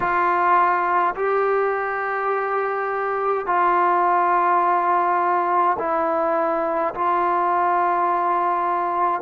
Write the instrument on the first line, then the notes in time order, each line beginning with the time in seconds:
trombone
0.00 F4
1.15 G4
3.46 F4
5.78 E4
6.94 F4